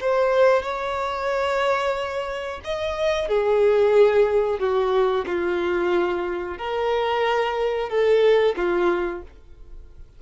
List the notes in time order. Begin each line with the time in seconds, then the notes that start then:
0.00 C5
0.62 C#5
2.64 D#5
3.28 G#4
4.59 F#4
5.26 F4
6.57 A#4
7.89 A4
8.56 F4